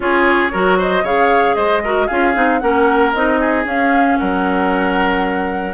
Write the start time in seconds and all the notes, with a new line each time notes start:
0.00 C#4 F4 G#4 C#5
0.52 F#3 F#4 A#4
0.78 C5 D#5
1.02 C#3 G#4 C#5 F5
1.55 G#3 C5 D#5
1.83 F#4 A#4
2.06 C#4 F4 G#4 F5
2.34 C4 D#4
2.59 A#3 C#4 A#4 F#5
3.12 C4 D#4 D#5
3.40 G#4
3.65 C#4 F5
4.17 F#3 A#4 F#5